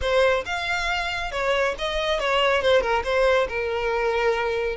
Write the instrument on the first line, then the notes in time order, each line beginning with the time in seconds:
violin
0.01 C5
0.45 F5
1.31 C#5
1.78 D#5
2.19 C#5
2.61 C5
2.81 A#4
3.04 C5
3.48 A#4